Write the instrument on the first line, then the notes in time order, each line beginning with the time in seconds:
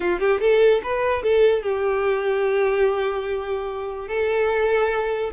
violin
0.00 F4
0.19 G4
0.40 A4
0.83 B4
1.23 A4
1.62 G4
4.08 A4